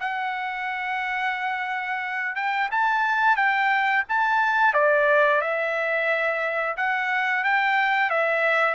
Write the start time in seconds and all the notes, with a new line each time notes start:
0.00 F#5
2.36 G5
2.72 A5
3.36 G5
4.09 A5
4.74 D5
5.41 E5
6.77 F#5
7.44 G5
8.10 E5